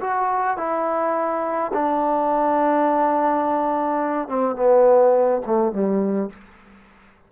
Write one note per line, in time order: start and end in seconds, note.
0.00 0.57 F#4
0.57 1.71 E4
1.73 4.28 D4
4.28 4.55 C4
4.55 5.41 B3
5.46 5.72 A3
5.72 6.29 G3